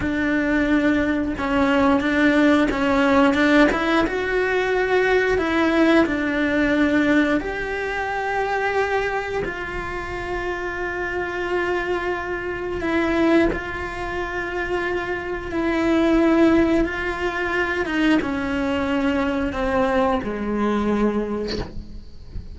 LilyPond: \new Staff \with { instrumentName = "cello" } { \time 4/4 \tempo 4 = 89 d'2 cis'4 d'4 | cis'4 d'8 e'8 fis'2 | e'4 d'2 g'4~ | g'2 f'2~ |
f'2. e'4 | f'2. e'4~ | e'4 f'4. dis'8 cis'4~ | cis'4 c'4 gis2 | }